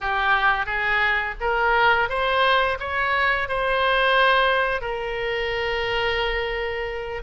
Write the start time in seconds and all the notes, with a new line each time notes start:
0.00 G4
0.66 G#4
1.40 A#4
2.09 C5
2.79 C#5
3.48 C5
4.81 A#4